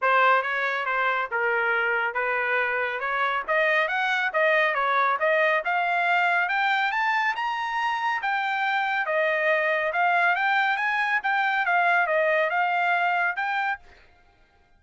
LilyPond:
\new Staff \with { instrumentName = "trumpet" } { \time 4/4 \tempo 4 = 139 c''4 cis''4 c''4 ais'4~ | ais'4 b'2 cis''4 | dis''4 fis''4 dis''4 cis''4 | dis''4 f''2 g''4 |
a''4 ais''2 g''4~ | g''4 dis''2 f''4 | g''4 gis''4 g''4 f''4 | dis''4 f''2 g''4 | }